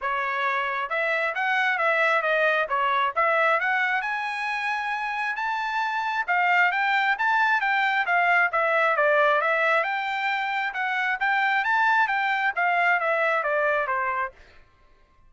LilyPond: \new Staff \with { instrumentName = "trumpet" } { \time 4/4 \tempo 4 = 134 cis''2 e''4 fis''4 | e''4 dis''4 cis''4 e''4 | fis''4 gis''2. | a''2 f''4 g''4 |
a''4 g''4 f''4 e''4 | d''4 e''4 g''2 | fis''4 g''4 a''4 g''4 | f''4 e''4 d''4 c''4 | }